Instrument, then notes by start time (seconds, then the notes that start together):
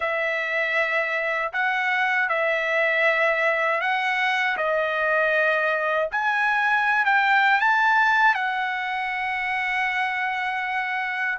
trumpet
0.00 E5
1.53 F#5
2.29 E5
3.80 F#5
4.57 D#5
6.11 G#5
7.05 G5
7.60 A5
8.34 F#5